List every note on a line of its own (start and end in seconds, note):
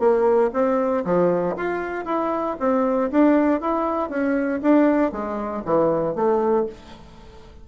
0.00 0.51 A#3
0.54 1.05 C4
1.05 1.56 F3
1.57 2.06 F4
2.06 2.57 E4
2.60 3.11 C4
3.11 3.61 D4
3.61 4.10 E4
4.10 4.61 C#4
4.62 5.13 D4
5.13 5.64 G#3
5.66 6.15 E3
6.15 6.67 A3